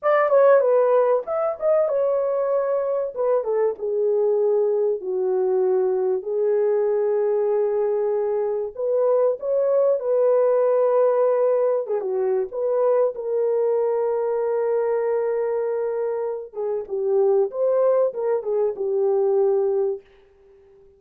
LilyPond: \new Staff \with { instrumentName = "horn" } { \time 4/4 \tempo 4 = 96 d''8 cis''8 b'4 e''8 dis''8 cis''4~ | cis''4 b'8 a'8 gis'2 | fis'2 gis'2~ | gis'2 b'4 cis''4 |
b'2. gis'16 fis'8. | b'4 ais'2.~ | ais'2~ ais'8 gis'8 g'4 | c''4 ais'8 gis'8 g'2 | }